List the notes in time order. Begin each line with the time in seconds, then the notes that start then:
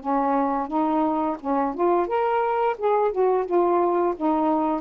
0.00 C#4
0.68 D#4
1.40 C#4
1.75 F4
2.07 A#4
2.78 G#4
3.12 F#4
3.45 F4
4.16 D#4